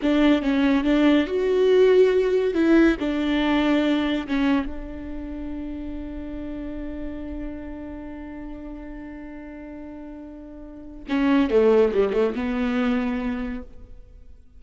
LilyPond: \new Staff \with { instrumentName = "viola" } { \time 4/4 \tempo 4 = 141 d'4 cis'4 d'4 fis'4~ | fis'2 e'4 d'4~ | d'2 cis'4 d'4~ | d'1~ |
d'1~ | d'1~ | d'2 cis'4 a4 | g8 a8 b2. | }